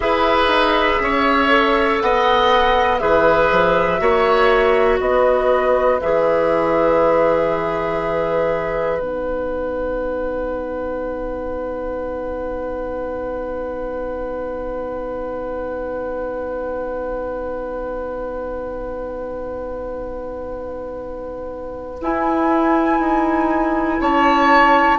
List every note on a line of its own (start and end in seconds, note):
0.00 0.47 E4
0.00 1.48 G#4
0.00 1.02 B4
0.00 1.99 E5
0.47 0.97 D#4
1.00 2.00 C#4
1.00 2.03 C#5
1.48 2.98 A4
2.01 3.01 B3
2.01 3.01 D#5
2.01 2.98 F#5
2.98 3.51 E3
2.98 3.98 G#4
2.98 4.01 B4
2.98 4.98 E5
3.51 4.00 F3
3.98 5.00 A#3
3.98 5.98 F#4
3.98 5.00 C#5
5.00 6.00 B3
5.00 24.00 B4
5.00 6.00 D#5
6.00 9.00 E3
6.00 8.98 G#4
6.00 9.00 E5
8.98 22.00 B3
8.98 21.98 D#4
8.98 22.00 F#5
22.00 22.99 E4
22.00 24.98 E4
22.00 24.01 G#5
22.99 23.99 D#4
24.00 24.98 C#4
24.00 24.98 C#5
24.00 24.98 A5